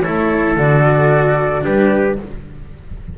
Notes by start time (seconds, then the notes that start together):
0.00 E4 A4 C#5
0.07 A3
0.56 D3 F#4 D5
1.61 G3 D4 G4 B4